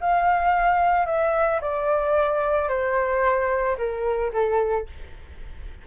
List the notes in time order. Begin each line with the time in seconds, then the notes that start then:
0.00 F5
1.06 E5
1.60 D5
2.68 C5
3.77 A#4
4.33 A4